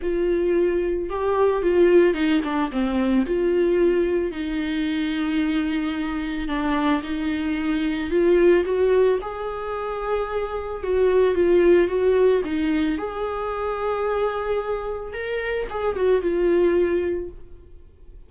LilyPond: \new Staff \with { instrumentName = "viola" } { \time 4/4 \tempo 4 = 111 f'2 g'4 f'4 | dis'8 d'8 c'4 f'2 | dis'1 | d'4 dis'2 f'4 |
fis'4 gis'2. | fis'4 f'4 fis'4 dis'4 | gis'1 | ais'4 gis'8 fis'8 f'2 | }